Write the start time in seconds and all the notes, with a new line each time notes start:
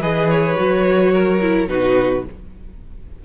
0.00 E3 G#4 B4 D#5
0.29 C#5
0.55 F#3 F#4
1.13 A#4
1.41 E4
1.68 B2 D#4 F#4 B4